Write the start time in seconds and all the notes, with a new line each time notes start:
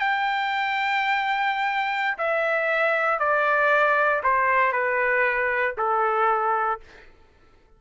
0.00 G5
2.18 E5
3.20 D5
4.24 C5
4.73 B4
5.78 A4